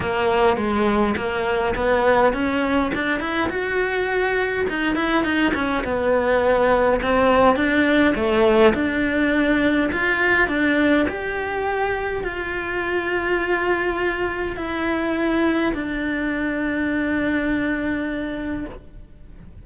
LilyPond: \new Staff \with { instrumentName = "cello" } { \time 4/4 \tempo 4 = 103 ais4 gis4 ais4 b4 | cis'4 d'8 e'8 fis'2 | dis'8 e'8 dis'8 cis'8 b2 | c'4 d'4 a4 d'4~ |
d'4 f'4 d'4 g'4~ | g'4 f'2.~ | f'4 e'2 d'4~ | d'1 | }